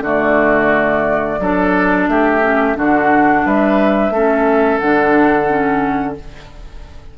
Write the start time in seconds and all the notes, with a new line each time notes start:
0.00 D3 A3 F#4 D5
1.39 F#3 D4 A4
2.08 A3 G4 E5
2.41 C#4
2.75 D3 D4 F#4 F#5
3.45 G3 B4 E5
4.10 A3 C#4 A4
4.78 D3 D4 F#5
5.47 C#4